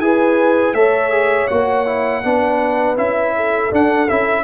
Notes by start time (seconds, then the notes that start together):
0.00 E4 G#4 B4 G#5
0.73 A3 A4 C#5 E5
1.11 G#4
1.47 A#3 F#4 F#5
1.86 E4
2.23 B3 D4 B4
2.96 C#4 E4 E5
3.36 A4
3.71 D4 F#5
4.09 C#4 E4 E5